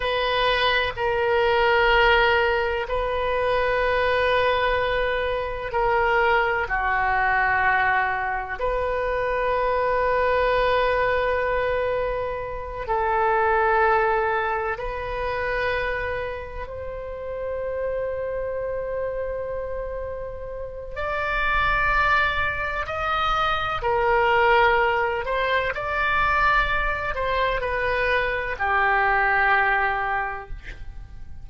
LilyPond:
\new Staff \with { instrumentName = "oboe" } { \time 4/4 \tempo 4 = 63 b'4 ais'2 b'4~ | b'2 ais'4 fis'4~ | fis'4 b'2.~ | b'4. a'2 b'8~ |
b'4. c''2~ c''8~ | c''2 d''2 | dis''4 ais'4. c''8 d''4~ | d''8 c''8 b'4 g'2 | }